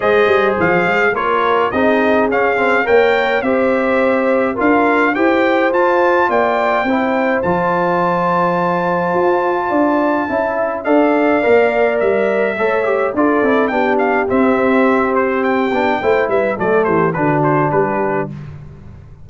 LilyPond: <<
  \new Staff \with { instrumentName = "trumpet" } { \time 4/4 \tempo 4 = 105 dis''4 f''4 cis''4 dis''4 | f''4 g''4 e''2 | f''4 g''4 a''4 g''4~ | g''4 a''2.~ |
a''2. f''4~ | f''4 e''2 d''4 | g''8 f''8 e''4. c''8 g''4~ | g''8 e''8 d''8 c''8 b'8 c''8 b'4 | }
  \new Staff \with { instrumentName = "horn" } { \time 4/4 c''2 ais'4 gis'4~ | gis'4 cis''4 c''2 | ais'4 c''2 d''4 | c''1~ |
c''4 d''4 e''4 d''4~ | d''2 cis''4 a'4 | g'1 | c''8 b'8 a'8 g'8 fis'4 g'4 | }
  \new Staff \with { instrumentName = "trombone" } { \time 4/4 gis'2 f'4 dis'4 | cis'8 c'8 ais'4 g'2 | f'4 g'4 f'2 | e'4 f'2.~ |
f'2 e'4 a'4 | ais'2 a'8 g'8 f'8 e'8 | d'4 c'2~ c'8 d'8 | e'4 a4 d'2 | }
  \new Staff \with { instrumentName = "tuba" } { \time 4/4 gis8 g8 f8 gis8 ais4 c'4 | cis'4 ais4 c'2 | d'4 e'4 f'4 ais4 | c'4 f2. |
f'4 d'4 cis'4 d'4 | ais4 g4 a4 d'8 c'8 | b4 c'2~ c'8 b8 | a8 g8 fis8 e8 d4 g4 | }
>>